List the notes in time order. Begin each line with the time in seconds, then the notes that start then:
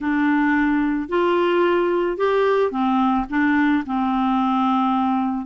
0.00 D4
1.08 F4
2.17 G4
2.71 C4
3.29 D4
3.86 C4